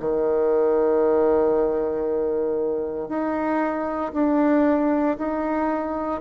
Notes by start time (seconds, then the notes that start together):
0.00 D#3
3.08 D#4
4.14 D4
5.18 D#4